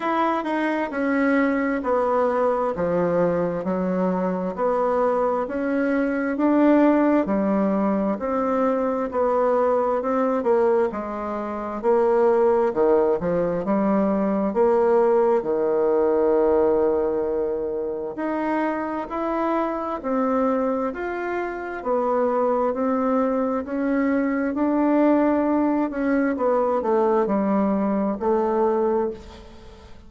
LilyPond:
\new Staff \with { instrumentName = "bassoon" } { \time 4/4 \tempo 4 = 66 e'8 dis'8 cis'4 b4 f4 | fis4 b4 cis'4 d'4 | g4 c'4 b4 c'8 ais8 | gis4 ais4 dis8 f8 g4 |
ais4 dis2. | dis'4 e'4 c'4 f'4 | b4 c'4 cis'4 d'4~ | d'8 cis'8 b8 a8 g4 a4 | }